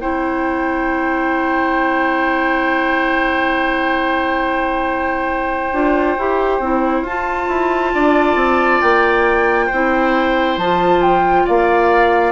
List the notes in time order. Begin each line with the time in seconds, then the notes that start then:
0.00 C4 E4 C5 G5
5.72 D4 F4
6.19 E4 G4
6.60 C4 E4
7.02 F4 A5
7.49 E4
7.94 D4 D5
8.36 C4
8.82 A#3 G5
9.67 C4 C5
9.73 E4
10.57 F3 F4 A5
11.02 G5
11.46 A#3 D5 F5